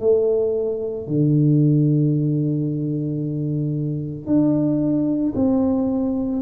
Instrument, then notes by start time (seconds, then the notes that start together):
tuba
0.00 A3
1.07 D3
4.26 D4
5.35 C4